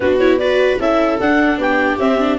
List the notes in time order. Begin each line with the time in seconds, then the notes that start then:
0.00 B3 D4 F#4 B4
0.19 E4 C#5
0.38 F#4 B4 D5
0.79 C#4 E4 A4 E5
1.20 D4 F#5
1.57 B3 G4 G5
1.99 C4 E5
2.19 D4